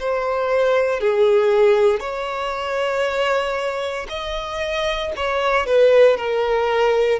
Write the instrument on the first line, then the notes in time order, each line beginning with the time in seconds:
violin
0.00 C5
1.01 G#4
2.00 C#5
4.10 D#5
5.17 C#5
5.67 B4
6.18 A#4